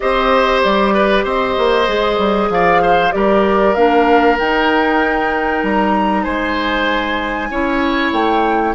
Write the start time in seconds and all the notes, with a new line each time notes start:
0.00 C4 G4 C5 D#5
0.63 G3 D5
0.93 B4
1.24 C4 C5 D#5
1.58 A#3
1.86 G#3 G#4
2.18 G3
2.49 F3 D5 F5
2.82 C5
3.11 G3 G4 A#4 D5
3.74 A#3 D4 F5
4.38 D#4 G5
5.63 G3 A#5
6.23 G#3 C5 G#5
7.50 C#4 E4 C#5
8.12 A3 G5